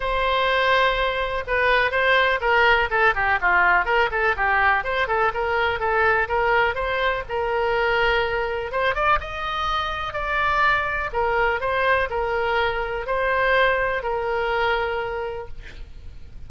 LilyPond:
\new Staff \with { instrumentName = "oboe" } { \time 4/4 \tempo 4 = 124 c''2. b'4 | c''4 ais'4 a'8 g'8 f'4 | ais'8 a'8 g'4 c''8 a'8 ais'4 | a'4 ais'4 c''4 ais'4~ |
ais'2 c''8 d''8 dis''4~ | dis''4 d''2 ais'4 | c''4 ais'2 c''4~ | c''4 ais'2. | }